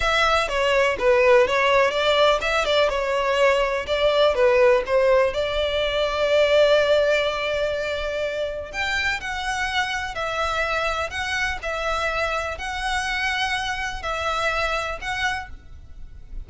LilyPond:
\new Staff \with { instrumentName = "violin" } { \time 4/4 \tempo 4 = 124 e''4 cis''4 b'4 cis''4 | d''4 e''8 d''8 cis''2 | d''4 b'4 c''4 d''4~ | d''1~ |
d''2 g''4 fis''4~ | fis''4 e''2 fis''4 | e''2 fis''2~ | fis''4 e''2 fis''4 | }